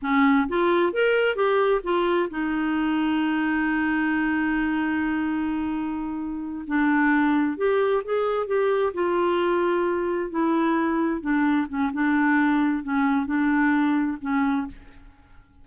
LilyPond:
\new Staff \with { instrumentName = "clarinet" } { \time 4/4 \tempo 4 = 131 cis'4 f'4 ais'4 g'4 | f'4 dis'2.~ | dis'1~ | dis'2~ dis'8 d'4.~ |
d'8 g'4 gis'4 g'4 f'8~ | f'2~ f'8 e'4.~ | e'8 d'4 cis'8 d'2 | cis'4 d'2 cis'4 | }